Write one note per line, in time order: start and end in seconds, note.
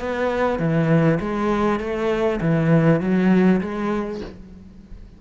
0.00 0.59 B3
0.59 1.19 E3
1.21 1.80 G#3
1.80 2.40 A3
2.41 3.01 E3
3.01 3.61 F#3
3.61 4.21 G#3